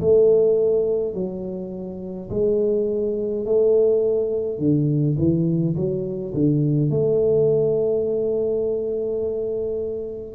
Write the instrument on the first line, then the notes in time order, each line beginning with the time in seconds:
tuba
0.00 A3
1.14 F#3
2.30 G#3
3.45 A3
4.58 D3
5.18 E3
5.75 F#3
6.34 D3
6.90 A3